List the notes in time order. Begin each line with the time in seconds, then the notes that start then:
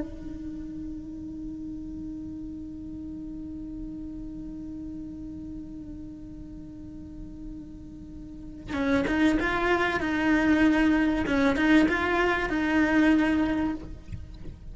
0.00 D#4
8.74 C#4
9.07 D#4
9.40 F4
10.01 D#4
11.27 C#4
11.56 D#4
11.89 F4
12.50 D#4